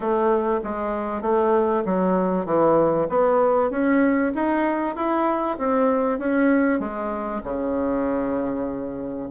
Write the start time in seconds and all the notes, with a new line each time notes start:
0.00 A3
0.63 G#3
1.21 A3
1.85 F#3
2.45 E3
3.09 B3
3.70 C#4
4.34 D#4
4.95 E4
5.58 C4
6.19 C#4
6.79 G#3
7.43 C#3